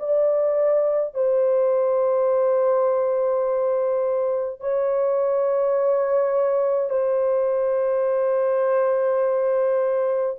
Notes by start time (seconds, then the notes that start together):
0.00 D5
1.15 C5
4.61 C#5
6.90 C5